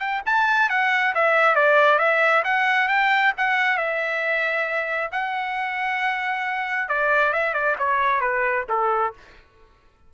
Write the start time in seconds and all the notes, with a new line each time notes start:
0.00 G5
0.26 A5
0.69 F#5
1.15 E5
1.56 D5
1.99 E5
2.44 F#5
2.88 G5
3.38 F#5
3.78 E5
5.12 F#5
6.89 D5
7.33 E5
7.54 D5
7.79 C#5
8.21 B4
8.69 A4